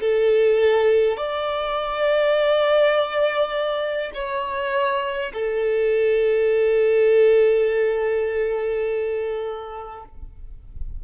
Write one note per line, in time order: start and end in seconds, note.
0.00 1.17 A4
1.17 4.11 D5
4.14 5.32 C#5
5.34 10.04 A4